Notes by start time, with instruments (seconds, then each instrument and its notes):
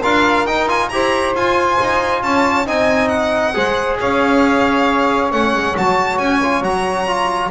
0.00 double bass D4, trombone F4, saxophone A#4, violin F5
0.46 trombone D#4, double bass D#4, violin G5
0.67 trombone F4, violin G#5
0.89 double bass E4, trombone G4, saxophone C5, violin A#5
1.34 double bass F4, trombone F4, violin G#5
1.81 double bass D#4
2.22 double bass C#4, saxophone C#5, violin A5
2.66 double bass C4, trombone D#4, saxophone D#5, violin G#5
3.08 violin F#5
3.54 double bass G#3, trombone G#4, saxophone C5
3.99 double bass C#4, saxophone C#5, violin F5
5.31 double bass A3, trombone C#4, violin F#5
5.53 double bass G#3
5.75 double bass F#3, trombone F#4, violin A5
6.18 double bass C#4, violin G#5
6.42 trombone F4
6.61 double bass F#3, trombone F#4, violin A#5
7.07 trombone F4